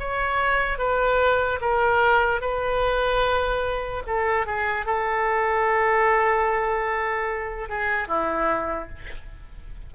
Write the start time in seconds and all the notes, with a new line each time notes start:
0.00 C#5
0.79 B4
1.61 A#4
2.41 B4
4.07 A4
4.47 G#4
4.86 A4
7.69 G#4
8.08 E4